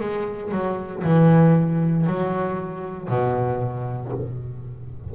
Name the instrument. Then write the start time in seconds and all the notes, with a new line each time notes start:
double bass
0.00 G#3
0.52 F#3
1.04 E3
2.07 F#3
3.08 B2